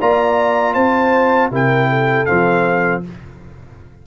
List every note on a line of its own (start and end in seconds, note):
0.00 0.75 A#3
0.00 1.52 F4
0.00 0.74 D5
0.00 0.74 A#5
0.74 1.51 C4
0.74 1.50 C5
0.74 1.50 A5
1.51 2.27 C3
1.51 2.27 E4
1.51 1.90 A#4
1.51 2.26 G5
1.90 3.04 A4
2.26 3.07 F3
2.26 3.03 C4
2.26 3.02 F5